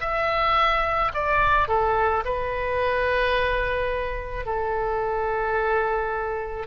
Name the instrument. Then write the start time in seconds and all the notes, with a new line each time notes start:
oboe
0.00 E5
1.14 D5
1.68 A4
2.25 B4
4.45 A4